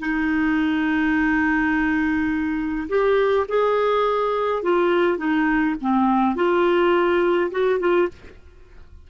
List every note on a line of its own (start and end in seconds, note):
0.00 2.88 D#4
2.89 3.47 G4
3.49 4.63 G#4
4.63 5.18 F4
5.18 5.76 D#4
5.82 6.36 C4
6.36 7.51 F4
7.52 7.80 F#4
7.80 8.09 F4